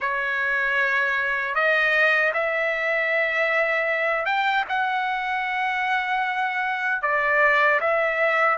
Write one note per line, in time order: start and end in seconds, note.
0.00 1.54 C#5
1.54 2.32 D#5
2.33 4.25 E5
4.25 4.64 G5
4.68 7.02 F#5
7.02 7.80 D5
7.80 8.58 E5